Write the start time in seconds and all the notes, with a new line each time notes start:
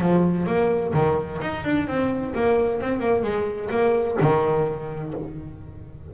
0.00 F3
0.46 A#3
0.93 D#3
1.41 D#4
1.64 D4
1.87 C4
2.34 A#3
2.80 C4
3.00 A#3
3.23 G#3
3.70 A#3
4.21 D#3